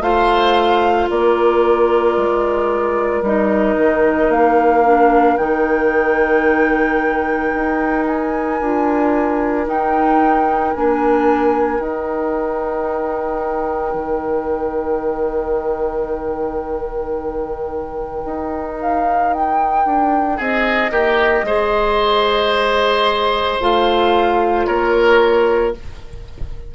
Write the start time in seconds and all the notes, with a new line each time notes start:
0.00 A3 F4 C5 F5
1.09 A#3 A#4 D5
2.17 G#3
3.22 G3 D#4 D#5
3.77 D#3
4.29 A#3 F5
4.85 D4
5.37 D#3 D#4 G5
7.54 D#4
8.06 G#5
8.60 D4 F4
9.66 D#4 G5
10.73 A#3 D4 G#5
11.79 D#4 G5
13.94 D#3
18.25 D#4
18.81 F5
19.33 G5
19.85 D4
20.37 C4 G#4 D#5
20.90 A#3 G4
21.43 G#3 G#4 C5
23.60 A3 F4 F5
24.66 A#3 A#4 C#5